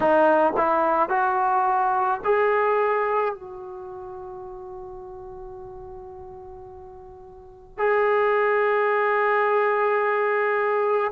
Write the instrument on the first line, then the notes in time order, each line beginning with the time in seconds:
trombone
0.00 D#4
0.56 E4
1.09 F#4
2.24 G#4
3.34 F#4
7.78 G#4